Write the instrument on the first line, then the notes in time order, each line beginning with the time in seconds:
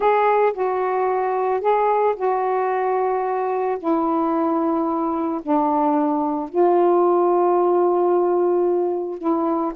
saxophone
0.00 G#4
0.53 F#4
1.60 G#4
2.15 F#4
3.78 E4
5.42 D4
6.49 F4
9.18 E4